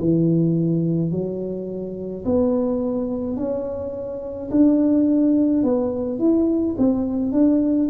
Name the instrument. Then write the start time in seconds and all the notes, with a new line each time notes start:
tuba
0.00 E3
1.11 F#3
2.25 B3
3.37 C#4
4.51 D4
5.63 B3
6.19 E4
6.78 C4
7.32 D4